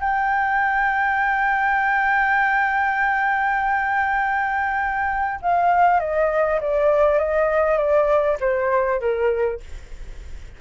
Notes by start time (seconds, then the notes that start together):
0.00 G5
5.41 F5
6.00 D#5
6.61 D5
7.19 D#5
7.77 D5
8.40 C5
9.00 A#4